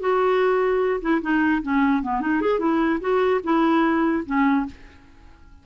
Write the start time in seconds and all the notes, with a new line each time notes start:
0.00 F#4
1.01 E4
1.22 D#4
1.63 C#4
2.03 B3
2.21 D#4
2.41 G#4
2.60 E4
3.01 F#4
3.44 E4
4.26 C#4